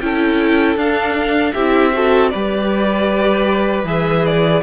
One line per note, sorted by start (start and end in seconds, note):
0.00 0.75 C#4
0.00 0.77 E4
0.00 1.53 A4
0.00 0.77 G5
0.75 1.52 D4
0.75 1.54 D4
0.75 1.53 F5
1.53 2.31 C4
1.53 1.92 E4
1.53 1.91 G4
1.53 2.29 E5
1.92 2.31 F#4
1.92 2.32 A4
2.29 3.83 G3
2.29 3.85 G4
2.29 4.62 B4
2.29 3.83 D5
3.83 4.60 E3
3.83 4.62 G#4
3.83 4.25 E5
4.25 4.63 D5